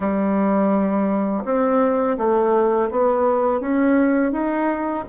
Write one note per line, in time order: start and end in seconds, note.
0.00 1.44 G3
1.45 2.17 C4
2.17 2.89 A3
2.90 3.60 B3
3.60 4.32 C#4
4.32 5.04 D#4